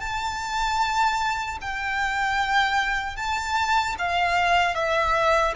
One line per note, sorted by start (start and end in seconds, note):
0.00 1.58 A5
1.61 3.16 G5
3.16 3.95 A5
3.98 4.74 F5
4.74 5.53 E5